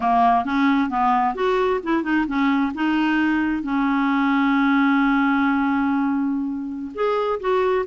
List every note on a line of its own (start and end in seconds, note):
0.00 0.44 A#3
0.44 0.89 C#4
0.89 1.34 B3
1.34 1.80 F#4
1.83 2.03 E4
2.03 2.26 D#4
2.27 2.72 C#4
2.74 3.62 D#4
3.62 6.92 C#4
6.94 7.39 G#4
7.40 7.85 F#4